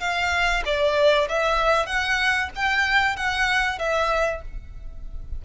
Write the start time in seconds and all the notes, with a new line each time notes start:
0.00 F5
0.65 D5
1.28 E5
1.86 F#5
2.55 G5
3.16 F#5
3.79 E5